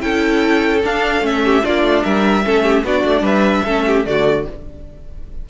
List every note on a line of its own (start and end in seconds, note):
0.00 0.83 C#4
0.00 0.81 E4
0.00 1.44 A4
0.00 0.82 G5
0.84 1.22 D4
0.84 1.21 D4
0.84 1.26 F5
1.21 1.61 A3
1.21 1.62 C#4
1.21 1.65 E5
1.44 1.64 G4
1.62 1.82 A#3
1.62 2.42 D4
1.62 2.04 F4
1.62 2.04 D5
1.82 2.03 A3
2.04 2.46 G3
2.04 2.44 A#4
2.04 2.84 E5
2.44 2.84 A3
2.44 2.84 C#4
2.44 2.63 A4
2.63 2.83 G4
2.84 3.04 B3
2.84 3.67 D4
2.84 3.23 F#4
2.84 3.25 D5
3.04 3.21 A3
3.21 3.62 G3
3.21 3.63 B4
3.21 4.05 E5
3.65 4.06 A3
3.65 4.05 C#4
3.65 3.85 A4
3.86 4.07 G4
4.05 4.46 D3
4.05 4.45 A3
4.05 4.49 F#4
4.05 4.45 D5